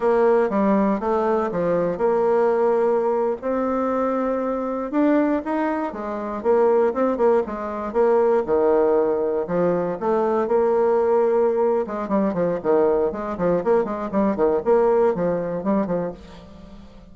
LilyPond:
\new Staff \with { instrumentName = "bassoon" } { \time 4/4 \tempo 4 = 119 ais4 g4 a4 f4 | ais2~ ais8. c'4~ c'16~ | c'4.~ c'16 d'4 dis'4 gis16~ | gis8. ais4 c'8 ais8 gis4 ais16~ |
ais8. dis2 f4 a16~ | a8. ais2~ ais8. gis8 | g8 f8 dis4 gis8 f8 ais8 gis8 | g8 dis8 ais4 f4 g8 f8 | }